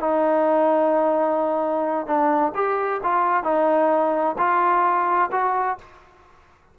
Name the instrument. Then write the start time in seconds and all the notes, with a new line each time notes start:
trombone
0.00 D#4
2.06 D4
2.54 G4
3.03 F4
3.43 D#4
4.38 F4
5.32 F#4